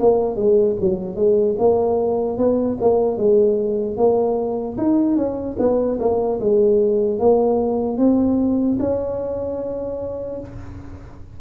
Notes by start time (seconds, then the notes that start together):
0.00 A#3
0.37 G#3
0.81 F#3
1.16 G#3
1.59 A#3
2.38 B3
2.81 A#3
3.18 G#3
3.97 A#3
4.78 D#4
5.17 C#4
5.59 B3
6.00 A#3
6.40 G#3
7.20 A#3
7.98 C4
8.80 C#4